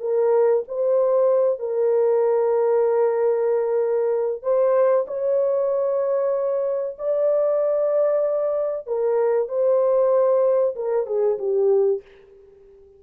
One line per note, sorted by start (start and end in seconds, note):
0.00 0.63 A#4
0.68 1.59 C5
1.59 4.42 A#4
4.42 5.06 C5
5.07 6.97 C#5
6.98 8.87 D5
8.87 9.49 A#4
9.49 10.75 C5
10.76 11.07 A#4
11.07 11.38 G#4
11.39 12.02 G4